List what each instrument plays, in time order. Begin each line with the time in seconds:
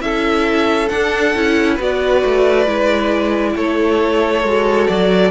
0.00 cello C#4, viola E4, violin A4 E5
0.89 viola D4, cello D4, violin F#5
1.35 cello C#4, viola E4
1.74 cello B3, viola F#4, violin B4
1.81 violin D5
2.24 cello A3
2.66 cello G#3, viola E4
3.56 cello A3, violin A4 C#5
4.43 cello G#3, viola F#4
4.87 cello F#3, violin D5